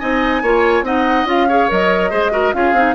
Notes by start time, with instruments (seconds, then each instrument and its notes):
0.00 bassoon C4, clarinet D#4, oboe D#5, flute G#5
0.43 bassoon A#3, clarinet F4, oboe C#5
0.83 bassoon C4, clarinet D#4, oboe D#5, flute F#5
1.25 bassoon C#4, clarinet F4, flute F5
1.49 clarinet G#4, oboe C#5
1.69 bassoon F#3, clarinet A#4, flute D#5
2.11 bassoon G#3, clarinet G#4, oboe C5
2.32 clarinet F#4, oboe A#4
2.53 bassoon C#4, clarinet F4, oboe G#4, flute F5
2.73 bassoon C4, clarinet D#4